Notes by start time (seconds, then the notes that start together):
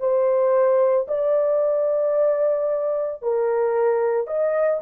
0.00 C5
1.08 D5
3.22 A#4
4.28 D#5